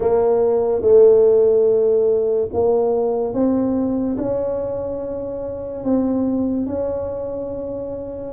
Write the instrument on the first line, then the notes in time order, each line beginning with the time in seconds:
tuba
0.00 A#3
0.81 A3
2.53 A#3
3.33 C4
4.17 C#4
5.84 C4
6.66 C#4